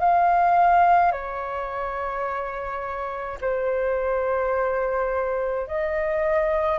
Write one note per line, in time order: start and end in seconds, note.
0.00 1.12 F5
1.12 3.38 C#5
3.41 5.68 C5
5.68 6.79 D#5